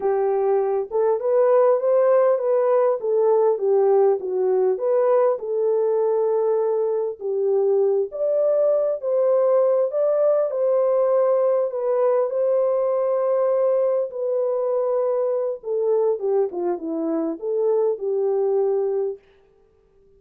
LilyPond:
\new Staff \with { instrumentName = "horn" } { \time 4/4 \tempo 4 = 100 g'4. a'8 b'4 c''4 | b'4 a'4 g'4 fis'4 | b'4 a'2. | g'4. d''4. c''4~ |
c''8 d''4 c''2 b'8~ | b'8 c''2. b'8~ | b'2 a'4 g'8 f'8 | e'4 a'4 g'2 | }